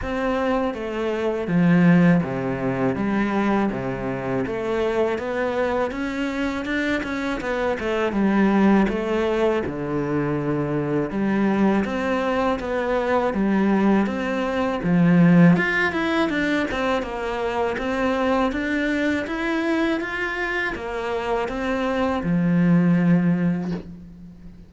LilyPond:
\new Staff \with { instrumentName = "cello" } { \time 4/4 \tempo 4 = 81 c'4 a4 f4 c4 | g4 c4 a4 b4 | cis'4 d'8 cis'8 b8 a8 g4 | a4 d2 g4 |
c'4 b4 g4 c'4 | f4 f'8 e'8 d'8 c'8 ais4 | c'4 d'4 e'4 f'4 | ais4 c'4 f2 | }